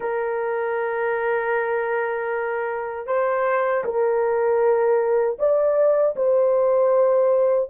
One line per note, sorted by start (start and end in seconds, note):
0.00 3.07 A#4
3.07 3.84 C5
3.84 5.38 A#4
5.38 6.15 D5
6.16 7.69 C5